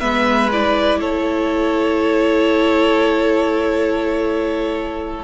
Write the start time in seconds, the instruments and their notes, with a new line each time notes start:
0.00 cello G#3, viola B3, violin B4 E5
0.53 viola E4, violin D5
1.01 cello A3, violin A4 C#5